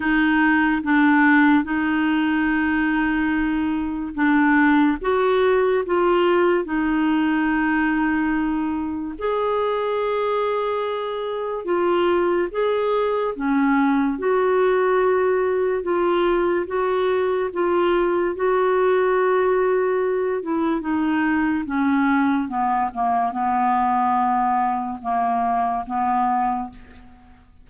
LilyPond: \new Staff \with { instrumentName = "clarinet" } { \time 4/4 \tempo 4 = 72 dis'4 d'4 dis'2~ | dis'4 d'4 fis'4 f'4 | dis'2. gis'4~ | gis'2 f'4 gis'4 |
cis'4 fis'2 f'4 | fis'4 f'4 fis'2~ | fis'8 e'8 dis'4 cis'4 b8 ais8 | b2 ais4 b4 | }